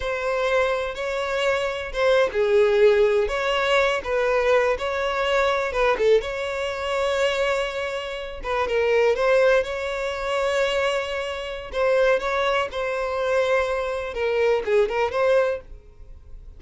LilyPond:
\new Staff \with { instrumentName = "violin" } { \time 4/4 \tempo 4 = 123 c''2 cis''2 | c''8. gis'2 cis''4~ cis''16~ | cis''16 b'4. cis''2 b'16~ | b'16 a'8 cis''2.~ cis''16~ |
cis''4~ cis''16 b'8 ais'4 c''4 cis''16~ | cis''1 | c''4 cis''4 c''2~ | c''4 ais'4 gis'8 ais'8 c''4 | }